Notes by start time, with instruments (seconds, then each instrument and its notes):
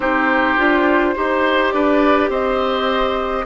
0.00 bassoon C4, clarinet D#4, oboe G4, flute C5
0.57 bassoon D4, clarinet F4
1.15 bassoon D#4, clarinet G4, oboe C5
1.71 bassoon D4, oboe B4, flute D5
2.29 bassoon C4, oboe C5, flute D#5